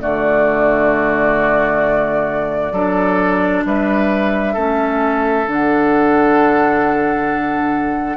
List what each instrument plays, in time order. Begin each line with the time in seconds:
0.00 bassoon D3, clarinet A3, oboe F#4, flute D5
2.71 bassoon F#3, clarinet D4, oboe A4
3.65 bassoon G3, oboe B4, flute E5
4.53 bassoon A3, clarinet C#4, oboe A4
5.46 bassoon D3, clarinet D4, flute F#5